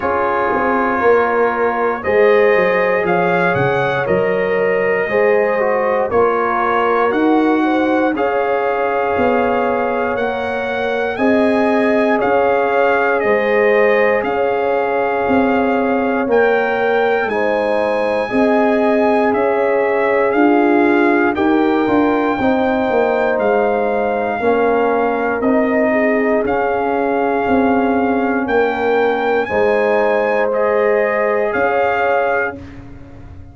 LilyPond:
<<
  \new Staff \with { instrumentName = "trumpet" } { \time 4/4 \tempo 4 = 59 cis''2 dis''4 f''8 fis''8 | dis''2 cis''4 fis''4 | f''2 fis''4 gis''4 | f''4 dis''4 f''2 |
g''4 gis''2 e''4 | f''4 g''2 f''4~ | f''4 dis''4 f''2 | g''4 gis''4 dis''4 f''4 | }
  \new Staff \with { instrumentName = "horn" } { \time 4/4 gis'4 ais'4 c''4 cis''4~ | cis''4 c''4 ais'4. c''8 | cis''2. dis''4 | cis''4 c''4 cis''2~ |
cis''4 c''4 dis''4 cis''4 | f'4 ais'4 c''2 | ais'4. gis'2~ gis'8 | ais'4 c''2 cis''4 | }
  \new Staff \with { instrumentName = "trombone" } { \time 4/4 f'2 gis'2 | ais'4 gis'8 fis'8 f'4 fis'4 | gis'2 ais'4 gis'4~ | gis'1 |
ais'4 dis'4 gis'2~ | gis'4 g'8 f'8 dis'2 | cis'4 dis'4 cis'2~ | cis'4 dis'4 gis'2 | }
  \new Staff \with { instrumentName = "tuba" } { \time 4/4 cis'8 c'8 ais4 gis8 fis8 f8 cis8 | fis4 gis4 ais4 dis'4 | cis'4 b4 ais4 c'4 | cis'4 gis4 cis'4 c'4 |
ais4 gis4 c'4 cis'4 | d'4 dis'8 d'8 c'8 ais8 gis4 | ais4 c'4 cis'4 c'4 | ais4 gis2 cis'4 | }
>>